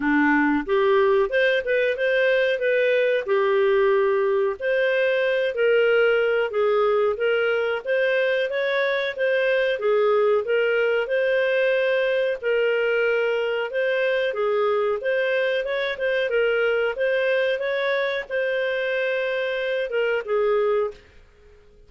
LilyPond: \new Staff \with { instrumentName = "clarinet" } { \time 4/4 \tempo 4 = 92 d'4 g'4 c''8 b'8 c''4 | b'4 g'2 c''4~ | c''8 ais'4. gis'4 ais'4 | c''4 cis''4 c''4 gis'4 |
ais'4 c''2 ais'4~ | ais'4 c''4 gis'4 c''4 | cis''8 c''8 ais'4 c''4 cis''4 | c''2~ c''8 ais'8 gis'4 | }